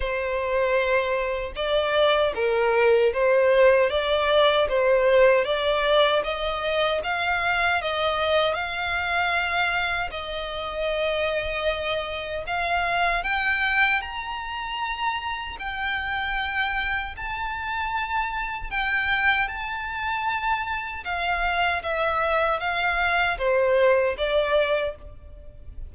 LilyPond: \new Staff \with { instrumentName = "violin" } { \time 4/4 \tempo 4 = 77 c''2 d''4 ais'4 | c''4 d''4 c''4 d''4 | dis''4 f''4 dis''4 f''4~ | f''4 dis''2. |
f''4 g''4 ais''2 | g''2 a''2 | g''4 a''2 f''4 | e''4 f''4 c''4 d''4 | }